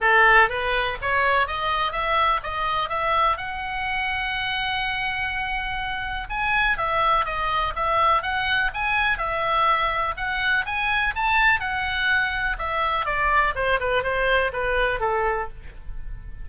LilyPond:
\new Staff \with { instrumentName = "oboe" } { \time 4/4 \tempo 4 = 124 a'4 b'4 cis''4 dis''4 | e''4 dis''4 e''4 fis''4~ | fis''1~ | fis''4 gis''4 e''4 dis''4 |
e''4 fis''4 gis''4 e''4~ | e''4 fis''4 gis''4 a''4 | fis''2 e''4 d''4 | c''8 b'8 c''4 b'4 a'4 | }